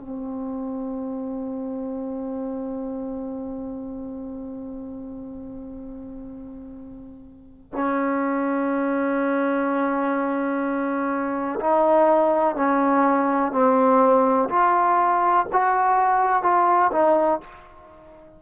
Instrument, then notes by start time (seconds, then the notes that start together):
trombone
0.00 C4
7.73 C#4
11.61 D#4
12.56 C#4
13.52 C4
14.49 F4
15.53 F#4
16.43 F4
16.93 D#4